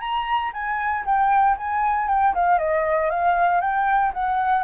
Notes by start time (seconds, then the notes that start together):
0.00 A#5
0.53 G#5
1.05 G5
1.57 G#5
2.08 G5
2.34 F5
2.59 D#5
3.10 F5
3.61 G5
4.14 F#5